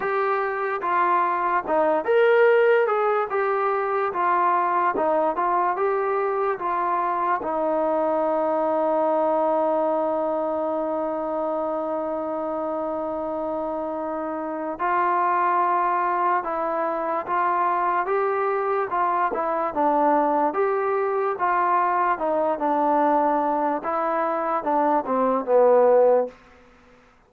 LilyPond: \new Staff \with { instrumentName = "trombone" } { \time 4/4 \tempo 4 = 73 g'4 f'4 dis'8 ais'4 gis'8 | g'4 f'4 dis'8 f'8 g'4 | f'4 dis'2.~ | dis'1~ |
dis'2 f'2 | e'4 f'4 g'4 f'8 e'8 | d'4 g'4 f'4 dis'8 d'8~ | d'4 e'4 d'8 c'8 b4 | }